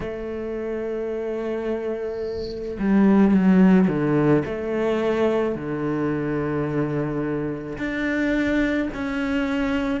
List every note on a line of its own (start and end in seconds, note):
0.00 2.78 A3
2.79 3.33 G3
3.33 3.87 F#3
3.87 4.43 D3
4.44 5.55 A3
5.55 7.77 D3
7.78 8.89 D4
8.93 10.00 C#4